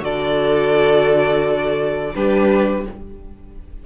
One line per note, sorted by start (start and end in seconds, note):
0.00 2.12 D3
0.00 2.12 F#4
0.00 2.14 A4
0.00 2.15 D5
2.14 2.86 G3
2.14 2.86 D4
2.14 2.85 G4
2.14 2.86 B4